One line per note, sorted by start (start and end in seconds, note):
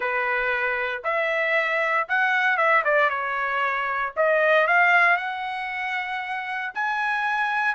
0.00 1.02 B4
1.04 2.07 E5
2.08 2.57 F#5
2.57 2.83 E5
2.84 3.09 D5
3.09 4.12 C#5
4.16 4.67 D#5
4.67 5.17 F5
5.17 6.72 F#5
6.74 7.74 G#5